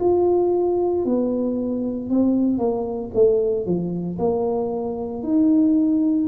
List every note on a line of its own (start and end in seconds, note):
0.00 1.05 F4
1.05 2.10 B3
2.10 2.58 C4
2.58 3.11 A#3
3.14 3.66 A3
3.66 4.18 F3
4.19 5.23 A#3
5.23 6.28 D#4